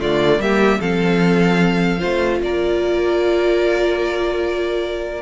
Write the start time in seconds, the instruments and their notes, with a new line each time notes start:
0.00 cello D3, viola A3, violin F4 D5
0.39 cello G3, viola A#3, violin G4 E5
0.80 cello F3, viola C4, violin A4 F5
1.99 cello A3, viola F4, violin C5
2.41 cello A#3, violin A#4 D5